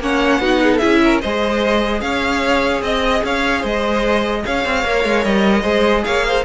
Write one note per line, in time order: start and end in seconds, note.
0.00 0.40 A#3
0.00 0.42 C#4
0.00 0.41 C#5
0.00 0.78 F#5
0.40 0.80 B3
0.40 0.81 D#4
0.40 0.61 F#4
0.62 0.72 G#4
0.72 0.80 A4
0.72 1.18 E5
0.80 1.23 C#4
0.80 1.21 E4
0.80 1.00 G#4
1.04 1.21 A#4
1.21 2.02 G#3
1.21 4.85 G#4
1.21 2.02 C5
1.21 2.01 D#5
2.01 2.82 C#4
2.01 2.82 C#5
2.01 2.81 F5
2.82 3.22 C4
2.82 3.23 D#5
2.82 3.24 D#5
3.24 3.64 C#4
3.24 3.61 C#5
3.24 3.65 F5
3.61 4.44 G#3
3.61 4.42 C5
3.61 4.45 D#5
4.45 4.65 C#4
4.45 5.63 C#5
4.45 5.24 F5
4.65 4.85 C4
4.85 5.05 A#3
4.85 5.64 A#4
5.05 5.25 G#3
5.24 5.64 G3
5.24 6.04 D#5
5.63 6.04 G#3
5.63 6.44 G#4
5.63 6.03 C5
6.04 6.45 A#3
6.04 6.27 C#5
6.04 6.45 F5
6.27 6.45 C5